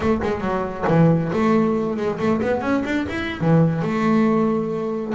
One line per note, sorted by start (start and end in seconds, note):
0.00 0.21 A3
0.22 0.41 G#3
0.41 0.84 F#3
0.87 1.31 E3
1.33 1.96 A3
1.96 2.18 G#3
2.19 2.41 A3
2.41 2.61 B3
2.61 2.83 C#4
2.84 3.06 D4
3.09 3.41 E4
3.41 3.82 E3
3.82 5.13 A3